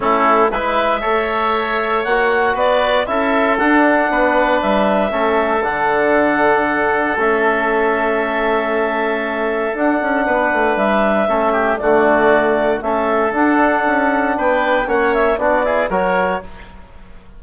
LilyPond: <<
  \new Staff \with { instrumentName = "clarinet" } { \time 4/4 \tempo 4 = 117 a'4 e''2. | fis''4 d''4 e''4 fis''4~ | fis''4 e''2 fis''4~ | fis''2 e''2~ |
e''2. fis''4~ | fis''4 e''2 d''4~ | d''4 e''4 fis''2 | g''4 fis''8 e''8 d''4 cis''4 | }
  \new Staff \with { instrumentName = "oboe" } { \time 4/4 e'4 b'4 cis''2~ | cis''4 b'4 a'2 | b'2 a'2~ | a'1~ |
a'1 | b'2 a'8 g'8 fis'4~ | fis'4 a'2. | b'4 cis''4 fis'8 gis'8 ais'4 | }
  \new Staff \with { instrumentName = "trombone" } { \time 4/4 cis'4 e'4 a'2 | fis'2 e'4 d'4~ | d'2 cis'4 d'4~ | d'2 cis'2~ |
cis'2. d'4~ | d'2 cis'4 a4~ | a4 cis'4 d'2~ | d'4 cis'4 d'8 e'8 fis'4 | }
  \new Staff \with { instrumentName = "bassoon" } { \time 4/4 a4 gis4 a2 | ais4 b4 cis'4 d'4 | b4 g4 a4 d4~ | d2 a2~ |
a2. d'8 cis'8 | b8 a8 g4 a4 d4~ | d4 a4 d'4 cis'4 | b4 ais4 b4 fis4 | }
>>